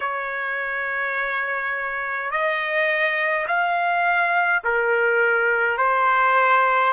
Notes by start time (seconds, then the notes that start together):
0.00 C#5
2.30 D#5
3.47 F5
4.64 A#4
5.77 C5